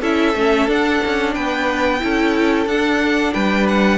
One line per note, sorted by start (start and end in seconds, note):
0.00 0.35 C#4
0.00 0.36 E4
0.00 1.33 A4
0.00 0.70 E5
0.35 0.67 A3
0.35 0.68 C#4
0.67 1.00 D4
0.67 1.99 D4
0.67 1.34 F#5
1.05 1.36 C#4
1.34 2.02 B3
1.34 2.00 B4
1.34 2.67 G5
1.99 2.66 C#4
1.99 2.66 E4
1.99 3.33 A4
2.66 3.33 D4
2.66 3.98 D4
2.66 3.33 F#5
3.33 3.98 G3
3.33 3.98 B4
3.33 3.67 G5
3.68 3.98 F#5